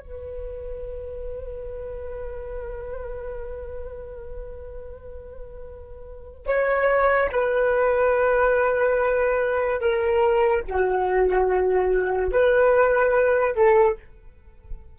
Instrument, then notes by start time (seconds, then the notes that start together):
flute
0.00 B4
6.46 C#5
7.32 B4
9.81 A#4
10.67 F#4
12.32 B4
13.56 A4